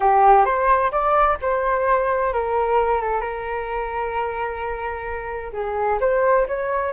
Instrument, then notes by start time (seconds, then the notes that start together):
flute
0.00 G4
0.45 C5
0.91 D5
1.41 C5
2.33 A#4
3.01 A4
3.20 A#4
5.53 G#4
6.00 C5
6.47 C#5